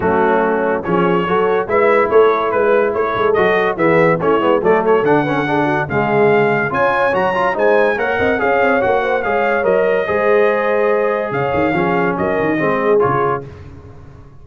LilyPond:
<<
  \new Staff \with { instrumentName = "trumpet" } { \time 4/4 \tempo 4 = 143 fis'2 cis''2 | e''4 cis''4 b'4 cis''4 | dis''4 e''4 cis''4 d''8 cis''8 | fis''2 f''2 |
gis''4 ais''4 gis''4 fis''4 | f''4 fis''4 f''4 dis''4~ | dis''2. f''4~ | f''4 dis''2 cis''4 | }
  \new Staff \with { instrumentName = "horn" } { \time 4/4 cis'2 gis'4 a'4 | b'4 a'4 b'4 a'4~ | a'4 gis'4 e'4 a'4~ | a'8 b'16 a'16 gis'8 fis'8 gis'2 |
cis''2 c''4 cis''8 dis''8 | cis''4. c''8 cis''2 | c''2. cis''4 | gis'4 ais'4 gis'2 | }
  \new Staff \with { instrumentName = "trombone" } { \time 4/4 a2 cis'4 fis'4 | e'1 | fis'4 b4 cis'8 b8 a4 | d'8 cis'8 d'4 gis2 |
f'4 fis'8 f'8 dis'4 ais'4 | gis'4 fis'4 gis'4 ais'4 | gis'1 | cis'2 c'4 f'4 | }
  \new Staff \with { instrumentName = "tuba" } { \time 4/4 fis2 f4 fis4 | gis4 a4 gis4 a8 gis8 | fis4 e4 a8 gis8 fis4 | d2 cis2 |
cis'4 fis4 gis4 ais8 c'8 | cis'8 c'8 ais4 gis4 fis4 | gis2. cis8 dis8 | f4 fis8 dis8 gis4 cis4 | }
>>